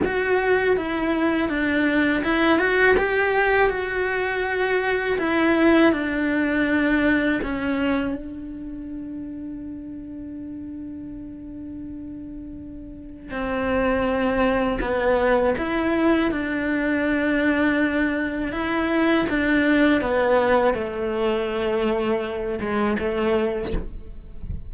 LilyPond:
\new Staff \with { instrumentName = "cello" } { \time 4/4 \tempo 4 = 81 fis'4 e'4 d'4 e'8 fis'8 | g'4 fis'2 e'4 | d'2 cis'4 d'4~ | d'1~ |
d'2 c'2 | b4 e'4 d'2~ | d'4 e'4 d'4 b4 | a2~ a8 gis8 a4 | }